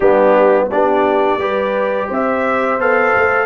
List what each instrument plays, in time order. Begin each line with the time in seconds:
0.00 tuba G3, trombone B3, horn D4, trumpet G4
0.70 tuba B3, trombone D4, horn G4, trumpet D5
1.37 tuba G3, trombone G4, horn B4
2.07 tuba C4, horn C5, trumpet E5
2.79 tuba B3, trombone A4, trumpet F5
3.16 tuba A3